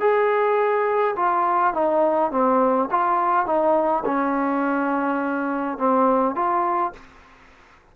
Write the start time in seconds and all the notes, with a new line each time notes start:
0.00 G#4
1.16 F4
1.74 D#4
2.31 C4
2.91 F4
3.46 D#4
4.05 C#4
5.78 C4
6.35 F4